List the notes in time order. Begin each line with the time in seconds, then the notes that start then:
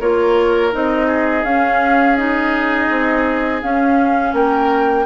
0.00 A#3 F4 A#4 C#5
0.72 C4 D#4 D#5
1.07 G#4
1.44 C#4 F5
2.17 D#4 D#5
2.90 C4
3.62 C#4 F5
4.33 A#3 A#4 G5